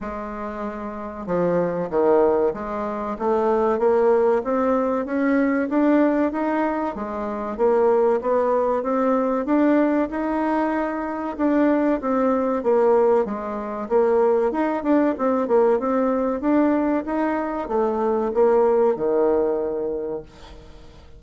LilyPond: \new Staff \with { instrumentName = "bassoon" } { \time 4/4 \tempo 4 = 95 gis2 f4 dis4 | gis4 a4 ais4 c'4 | cis'4 d'4 dis'4 gis4 | ais4 b4 c'4 d'4 |
dis'2 d'4 c'4 | ais4 gis4 ais4 dis'8 d'8 | c'8 ais8 c'4 d'4 dis'4 | a4 ais4 dis2 | }